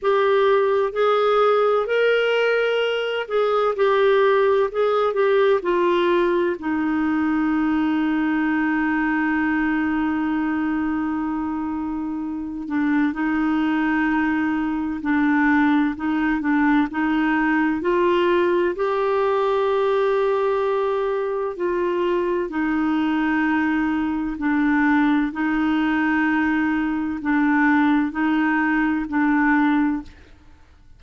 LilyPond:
\new Staff \with { instrumentName = "clarinet" } { \time 4/4 \tempo 4 = 64 g'4 gis'4 ais'4. gis'8 | g'4 gis'8 g'8 f'4 dis'4~ | dis'1~ | dis'4. d'8 dis'2 |
d'4 dis'8 d'8 dis'4 f'4 | g'2. f'4 | dis'2 d'4 dis'4~ | dis'4 d'4 dis'4 d'4 | }